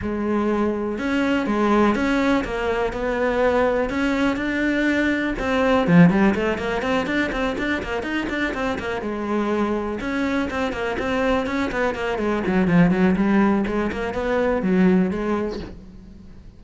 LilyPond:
\new Staff \with { instrumentName = "cello" } { \time 4/4 \tempo 4 = 123 gis2 cis'4 gis4 | cis'4 ais4 b2 | cis'4 d'2 c'4 | f8 g8 a8 ais8 c'8 d'8 c'8 d'8 |
ais8 dis'8 d'8 c'8 ais8 gis4.~ | gis8 cis'4 c'8 ais8 c'4 cis'8 | b8 ais8 gis8 fis8 f8 fis8 g4 | gis8 ais8 b4 fis4 gis4 | }